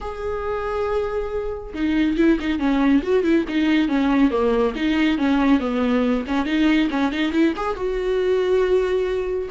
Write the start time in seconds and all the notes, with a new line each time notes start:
0.01 G#4
1.73 D#4
2.17 E4
2.40 D#4
2.59 C#4
3.02 F#4
3.23 E4
3.48 D#4
3.88 C#4
4.30 A#3
4.75 D#4
5.18 C#4
5.60 B3
6.27 C#4
6.45 D#4
6.90 C#4
7.12 D#4
7.31 E4
7.56 G#4
7.76 F#4